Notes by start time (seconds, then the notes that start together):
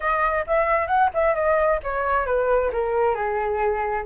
0.00 D#5
0.46 E5
0.87 F#5
1.14 E5
1.34 D#5
1.83 C#5
2.26 B4
2.72 A#4
3.15 G#4